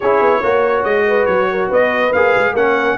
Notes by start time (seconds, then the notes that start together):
0.00 C#4 E4 G#4 C#5
0.20 B3
0.38 A#3 F#4 C#5
0.83 G#3 D#5
1.07 B4
1.25 F#3 C#5
1.50 A#4
1.68 B3 B4 D#5
2.12 A#3 G#4 F5
2.36 G#3
2.53 A#3 C#4 A#4 F#5